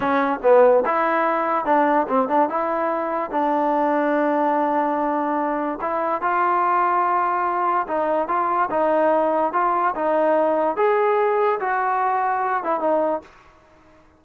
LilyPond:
\new Staff \with { instrumentName = "trombone" } { \time 4/4 \tempo 4 = 145 cis'4 b4 e'2 | d'4 c'8 d'8 e'2 | d'1~ | d'2 e'4 f'4~ |
f'2. dis'4 | f'4 dis'2 f'4 | dis'2 gis'2 | fis'2~ fis'8 e'8 dis'4 | }